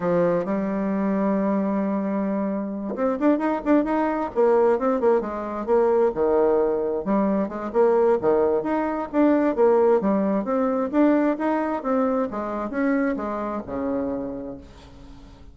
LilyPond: \new Staff \with { instrumentName = "bassoon" } { \time 4/4 \tempo 4 = 132 f4 g2.~ | g2~ g8 c'8 d'8 dis'8 | d'8 dis'4 ais4 c'8 ais8 gis8~ | gis8 ais4 dis2 g8~ |
g8 gis8 ais4 dis4 dis'4 | d'4 ais4 g4 c'4 | d'4 dis'4 c'4 gis4 | cis'4 gis4 cis2 | }